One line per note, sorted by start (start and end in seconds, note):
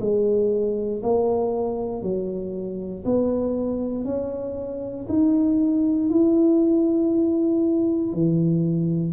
0.00 1.02 G#3
1.03 2.02 A#3
2.02 3.04 F#3
3.05 4.04 B3
4.04 5.06 C#4
5.08 6.10 D#4
6.10 8.13 E4
8.13 9.13 E3